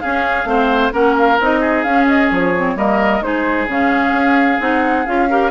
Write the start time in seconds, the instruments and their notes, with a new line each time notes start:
0.00 bassoon C#4, clarinet C#4, oboe G#4, flute F5
0.44 bassoon A3, clarinet C4, oboe C5
0.92 bassoon A#3, clarinet C#4, oboe A#4, flute F#5
1.18 flute F5
1.39 bassoon C4, clarinet D#4, flute D#5
1.60 oboe G#4
1.83 bassoon C#4, clarinet C#4, flute F5
2.07 flute D#5
2.31 bassoon F3, flute C#5
2.56 clarinet C4
2.75 bassoon G3, clarinet A#3, oboe A#4, flute D#5
3.21 bassoon G#3, clarinet D#4, oboe G#4, flute C5
3.67 bassoon C#3, clarinet C#4, flute F5
4.12 bassoon C#4
4.59 bassoon C4, clarinet D#4, flute F#5
5.06 bassoon C#4, clarinet F4, flute F5
5.30 clarinet G4, oboe A#4